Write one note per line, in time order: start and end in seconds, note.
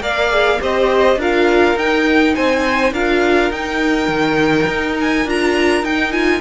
0.00 0.58 A#3
0.00 0.29 A#4
0.00 0.60 D5
0.00 0.60 F5
0.29 0.58 G#4
0.60 1.16 C4
0.60 1.18 G4
0.60 1.19 C5
0.60 1.21 D#5
1.16 1.74 D4
1.16 1.77 F4
1.16 2.34 A#4
1.16 1.78 F5
1.75 2.34 D#4
1.75 2.94 D#4
1.75 2.35 G5
2.34 2.92 C4
2.34 2.92 C5
2.34 2.93 G#5
2.92 3.50 D4
2.92 3.52 F4
2.92 6.41 A#4
2.92 3.51 F5
3.50 4.08 D#4
3.50 5.27 D#4
3.50 4.97 G5
4.08 4.66 D#3
4.67 5.25 D#4
5.00 5.29 G#5
5.25 5.82 D4
5.25 5.84 F4
5.25 5.84 A#5
5.82 6.41 D#4
5.82 6.12 D#4
5.82 6.12 G5
6.12 6.41 F4
6.12 6.41 G#5